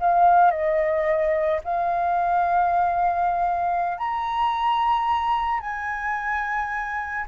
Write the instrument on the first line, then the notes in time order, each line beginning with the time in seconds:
flute
0.00 F5
0.51 D#5
1.64 F5
3.98 A#5
5.60 G#5